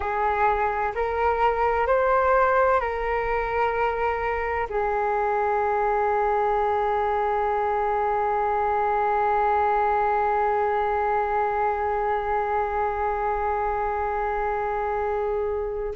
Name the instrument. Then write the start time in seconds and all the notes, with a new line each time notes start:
flute
0.00 G#4
0.95 A#4
1.86 C5
2.80 A#4
4.69 G#4